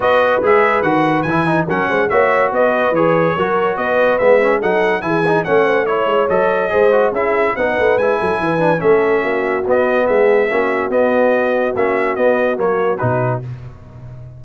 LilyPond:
<<
  \new Staff \with { instrumentName = "trumpet" } { \time 4/4 \tempo 4 = 143 dis''4 e''4 fis''4 gis''4 | fis''4 e''4 dis''4 cis''4~ | cis''4 dis''4 e''4 fis''4 | gis''4 fis''4 cis''4 dis''4~ |
dis''4 e''4 fis''4 gis''4~ | gis''4 e''2 dis''4 | e''2 dis''2 | e''4 dis''4 cis''4 b'4 | }
  \new Staff \with { instrumentName = "horn" } { \time 4/4 b'1 | ais'8 c''8 cis''4 b'2 | ais'4 b'2 a'4 | gis'4 cis''8 c''8 cis''2 |
c''4 gis'4 b'4. a'8 | b'4 a'4 fis'2 | gis'4 fis'2.~ | fis'1 | }
  \new Staff \with { instrumentName = "trombone" } { \time 4/4 fis'4 gis'4 fis'4 e'8 dis'8 | cis'4 fis'2 gis'4 | fis'2 b8 cis'8 dis'4 | e'8 dis'8 cis'4 e'4 a'4 |
gis'8 fis'8 e'4 dis'4 e'4~ | e'8 d'8 cis'2 b4~ | b4 cis'4 b2 | cis'4 b4 ais4 dis'4 | }
  \new Staff \with { instrumentName = "tuba" } { \time 4/4 b4 gis4 dis4 e4 | fis8 gis8 ais4 b4 e4 | fis4 b4 gis4 fis4 | e4 a4. gis8 fis4 |
gis4 cis'4 b8 a8 gis8 fis8 | e4 a4 ais4 b4 | gis4 ais4 b2 | ais4 b4 fis4 b,4 | }
>>